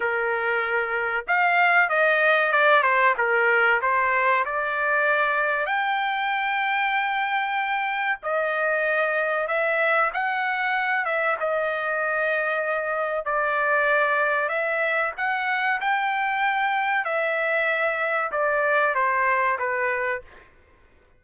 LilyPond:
\new Staff \with { instrumentName = "trumpet" } { \time 4/4 \tempo 4 = 95 ais'2 f''4 dis''4 | d''8 c''8 ais'4 c''4 d''4~ | d''4 g''2.~ | g''4 dis''2 e''4 |
fis''4. e''8 dis''2~ | dis''4 d''2 e''4 | fis''4 g''2 e''4~ | e''4 d''4 c''4 b'4 | }